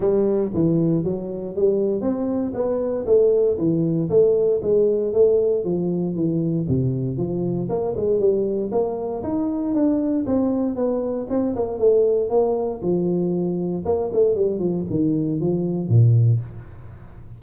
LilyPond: \new Staff \with { instrumentName = "tuba" } { \time 4/4 \tempo 4 = 117 g4 e4 fis4 g4 | c'4 b4 a4 e4 | a4 gis4 a4 f4 | e4 c4 f4 ais8 gis8 |
g4 ais4 dis'4 d'4 | c'4 b4 c'8 ais8 a4 | ais4 f2 ais8 a8 | g8 f8 dis4 f4 ais,4 | }